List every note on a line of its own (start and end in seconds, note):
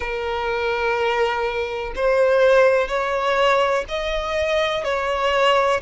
0.00 1.92 A#4
1.95 2.88 C5
2.88 3.84 C#5
3.88 4.83 D#5
4.83 5.80 C#5